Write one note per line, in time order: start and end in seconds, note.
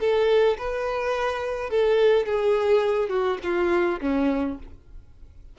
0.00 0.57 A4
0.58 1.70 B4
1.70 2.26 A4
2.26 3.09 G#4
3.09 3.38 F#4
3.43 4.00 F4
4.01 4.58 C#4